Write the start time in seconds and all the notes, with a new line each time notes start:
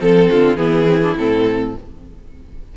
0.00 F3 C4 A4
0.30 D3 F4
0.56 E3 B3 E4 G#4
0.87 C4
1.02 D4
1.16 A2 C4 A4